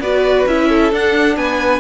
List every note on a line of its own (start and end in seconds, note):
0.00 0.45 B3
0.00 0.48 F#4
0.00 0.69 B4
0.00 0.46 D5
0.47 0.92 C#4
0.47 0.92 E4
0.47 0.93 E5
0.69 1.37 A4
0.92 1.37 D4
0.92 1.80 D4
0.92 1.37 F#5
1.37 1.80 B3
1.37 1.80 B4
1.37 1.80 G#5